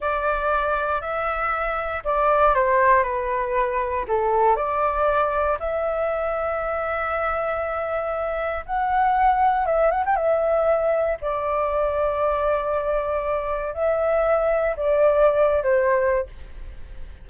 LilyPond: \new Staff \with { instrumentName = "flute" } { \time 4/4 \tempo 4 = 118 d''2 e''2 | d''4 c''4 b'2 | a'4 d''2 e''4~ | e''1~ |
e''4 fis''2 e''8 fis''16 g''16 | e''2 d''2~ | d''2. e''4~ | e''4 d''4.~ d''16 c''4~ c''16 | }